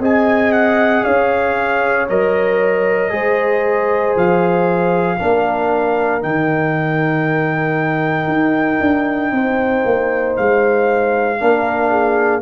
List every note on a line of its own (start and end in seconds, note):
0.00 1.03 C4
0.00 2.08 G#4
0.00 1.04 D#5
0.00 0.52 G#5
0.52 1.04 F#5
1.04 2.09 C#4
1.04 3.11 C#5
1.04 2.07 F5
2.09 3.12 F#3
2.09 3.10 A#4
2.09 4.16 D#5
3.10 4.15 G#3
3.10 5.17 G#4
3.10 5.19 C5
4.16 5.19 F3
4.16 6.23 F5
5.19 6.23 A#3
5.19 6.21 D4
5.19 9.33 A#4
6.21 8.27 D#3
6.21 11.38 D#4
6.21 10.36 G5
8.27 8.79 D#4
8.80 9.32 D4
9.32 9.83 C4
9.32 11.40 C5
9.85 10.37 A#3
10.37 11.41 G#3
10.37 12.42 F5
11.40 12.42 A#3
11.40 12.42 D4
11.40 11.90 A#4
11.90 12.41 G#4